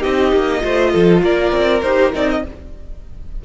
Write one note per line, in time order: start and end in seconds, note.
0.00 0.32 C4
0.00 0.60 D#4
0.00 0.60 G4
0.00 1.23 D#5
0.32 0.62 A#3
0.60 0.94 A3
0.60 1.80 F4
0.60 0.92 C5
0.92 1.22 F3
0.92 1.22 A4
1.22 1.52 A#3
1.22 2.43 A#4
1.22 1.81 D5
1.52 1.82 C4
1.81 2.12 D#4
1.81 2.13 G4
1.81 2.12 C5
2.13 2.44 C4
2.13 2.43 D#4
2.13 2.29 D5
2.29 2.44 D#5